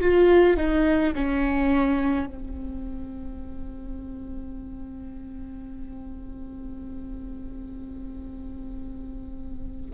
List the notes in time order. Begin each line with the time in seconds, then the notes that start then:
0.00 F4
0.57 D#4
1.15 C#4
2.26 C4